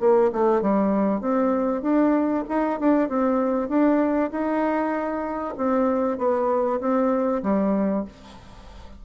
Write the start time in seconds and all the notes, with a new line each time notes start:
0.00 A#3
0.32 A3
0.62 G3
1.21 C4
1.82 D4
2.49 D#4
2.80 D4
3.09 C4
3.69 D4
4.31 D#4
5.57 C4
6.18 B3
6.81 C4
7.43 G3